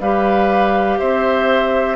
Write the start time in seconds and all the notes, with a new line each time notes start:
0.00 G3 G4 B4 F5
0.99 C4 C5 E5